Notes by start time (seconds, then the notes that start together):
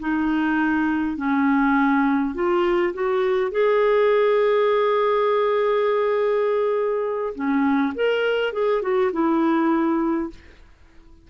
0.00 D#4
1.17 C#4
2.35 F4
2.94 F#4
3.51 G#4
7.35 C#4
7.95 A#4
8.53 G#4
8.82 F#4
9.13 E4